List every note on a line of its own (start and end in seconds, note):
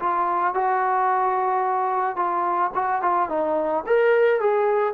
0.00 0.55 F4
0.55 2.16 F#4
2.16 2.71 F4
2.75 3.02 F#4
3.02 3.30 F4
3.30 3.85 D#4
3.87 4.41 A#4
4.41 4.94 G#4